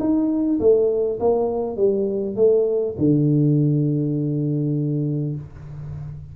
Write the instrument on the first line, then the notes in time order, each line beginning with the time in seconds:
tuba
0.00 D#4
0.60 A3
1.20 A#3
1.77 G3
2.36 A3
2.99 D3